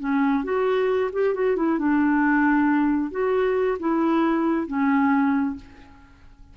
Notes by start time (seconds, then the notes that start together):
0.00 C#4
0.44 F#4
1.13 G4
1.34 F#4
1.56 E4
1.78 D4
3.11 F#4
3.79 E4
4.67 C#4